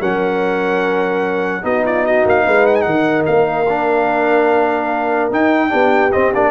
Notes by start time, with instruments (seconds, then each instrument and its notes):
0.00 tuba F#3, trombone C#4, horn A#4, trumpet F#5
1.63 tuba B3, trombone D#4, horn F#4, trumpet D#5
1.85 horn F4, trumpet D5
2.04 horn F#4, trumpet D#5
2.26 tuba A#3, trumpet F5
2.44 tuba G#3, horn B4
2.66 trumpet F#5
2.76 trumpet G#5
2.82 tuba D#3, horn A#4, trumpet F#5
3.26 tuba A#3, trumpet F5
3.69 trombone D4
5.31 tuba D#4, trombone D#4, trumpet G5
5.69 tuba B3, trombone D4, horn G4
6.12 trombone C4, tuba C4, trumpet D#5
6.34 tuba A#3, trombone D4, trumpet D5